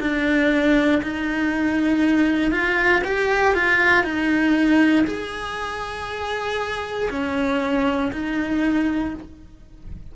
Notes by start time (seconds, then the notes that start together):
0.00 D4
1.02 D#4
2.51 F4
3.04 G4
3.55 F4
4.04 D#4
5.06 G#4
7.10 C#4
8.12 D#4